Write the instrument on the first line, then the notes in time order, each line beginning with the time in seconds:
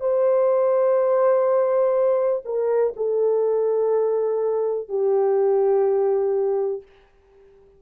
horn
0.00 C5
2.45 A#4
2.96 A4
4.89 G4